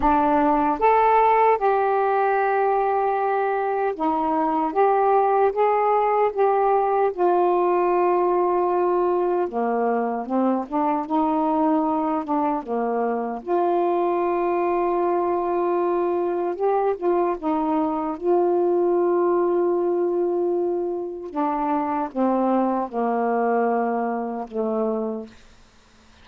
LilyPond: \new Staff \with { instrumentName = "saxophone" } { \time 4/4 \tempo 4 = 76 d'4 a'4 g'2~ | g'4 dis'4 g'4 gis'4 | g'4 f'2. | ais4 c'8 d'8 dis'4. d'8 |
ais4 f'2.~ | f'4 g'8 f'8 dis'4 f'4~ | f'2. d'4 | c'4 ais2 a4 | }